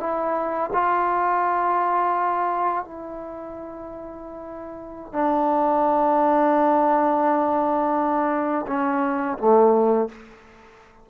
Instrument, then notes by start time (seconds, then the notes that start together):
trombone
0.00 E4
0.73 F4
2.85 E4
5.13 D4
8.67 C#4
9.38 A3